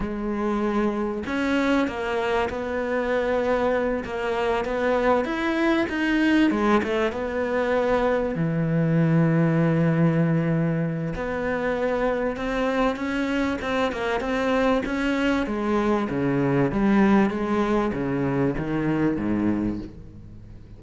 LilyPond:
\new Staff \with { instrumentName = "cello" } { \time 4/4 \tempo 4 = 97 gis2 cis'4 ais4 | b2~ b8 ais4 b8~ | b8 e'4 dis'4 gis8 a8 b8~ | b4. e2~ e8~ |
e2 b2 | c'4 cis'4 c'8 ais8 c'4 | cis'4 gis4 cis4 g4 | gis4 cis4 dis4 gis,4 | }